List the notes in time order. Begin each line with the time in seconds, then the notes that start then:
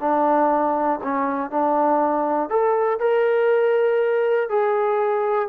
0.00 D4
1.04 C#4
1.51 D4
2.50 A4
3.00 A#4
4.50 G#4